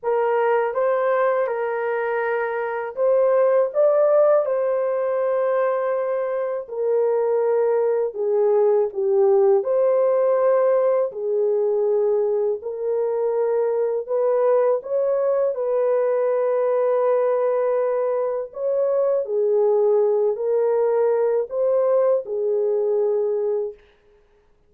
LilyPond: \new Staff \with { instrumentName = "horn" } { \time 4/4 \tempo 4 = 81 ais'4 c''4 ais'2 | c''4 d''4 c''2~ | c''4 ais'2 gis'4 | g'4 c''2 gis'4~ |
gis'4 ais'2 b'4 | cis''4 b'2.~ | b'4 cis''4 gis'4. ais'8~ | ais'4 c''4 gis'2 | }